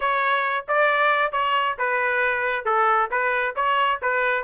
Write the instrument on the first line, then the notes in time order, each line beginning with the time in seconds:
trumpet
0.00 C#5
0.68 D5
1.32 C#5
1.78 B4
2.65 A4
3.10 B4
3.55 C#5
4.02 B4